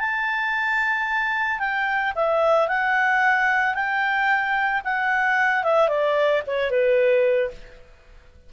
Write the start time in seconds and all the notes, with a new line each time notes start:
0.00 A5
1.59 G5
2.16 E5
2.68 F#5
3.75 G5
4.85 F#5
5.64 E5
5.89 D5
6.47 C#5
6.71 B4